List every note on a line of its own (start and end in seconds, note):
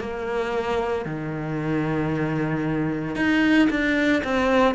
0.00 1.05 A#3
1.05 3.15 D#3
3.15 3.68 D#4
3.69 4.22 D4
4.24 4.75 C4